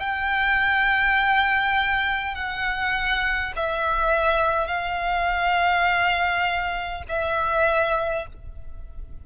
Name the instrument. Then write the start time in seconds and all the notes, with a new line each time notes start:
violin
0.00 G5
2.36 F#5
3.57 E5
4.68 F5
7.09 E5